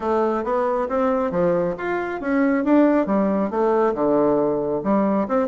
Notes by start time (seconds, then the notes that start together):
0.00 A3
0.44 B3
0.88 C4
1.31 F3
1.77 F4
2.20 C#4
2.64 D4
3.06 G3
3.50 A3
3.94 D3
4.83 G3
5.28 C4